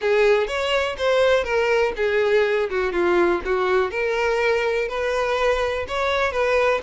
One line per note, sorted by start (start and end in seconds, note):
0.01 0.47 G#4
0.47 0.96 C#5
0.97 1.44 C5
1.44 1.92 A#4
1.96 2.69 G#4
2.70 2.92 F#4
2.92 3.41 F4
3.45 3.90 F#4
3.90 4.88 A#4
4.88 5.86 B4
5.88 6.32 C#5
6.32 6.80 B4